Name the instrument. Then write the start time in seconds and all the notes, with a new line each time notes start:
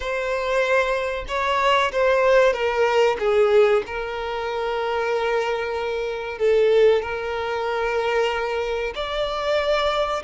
violin
0.00 C5
1.28 C#5
1.92 C5
2.53 A#4
3.19 G#4
3.86 A#4
6.38 A4
7.02 A#4
8.95 D5